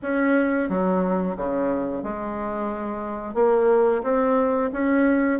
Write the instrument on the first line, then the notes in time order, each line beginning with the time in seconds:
bassoon
0.02 C#4
0.69 F#3
1.36 C#3
2.03 G#3
3.34 A#3
4.03 C4
4.72 C#4